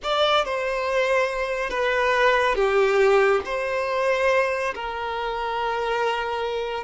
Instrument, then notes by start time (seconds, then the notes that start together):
violin
0.03 D5
0.44 C5
1.69 B4
2.55 G4
3.45 C5
4.75 A#4